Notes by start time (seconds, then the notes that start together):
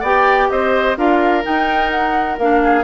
0.00 B3 G4 D5 G5
0.50 C4 C5 D#5
0.96 D4 F4 A#4 F5
1.42 D#4 G5
1.90 F#5
2.38 A#3 D4 F5
2.63 G#4